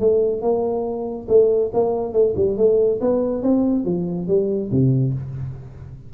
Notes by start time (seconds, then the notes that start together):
0.00 A3
0.42 A#3
1.29 A3
1.74 A#3
2.13 A3
2.36 G3
2.57 A3
3.01 B3
3.43 C4
3.85 F3
4.28 G3
4.71 C3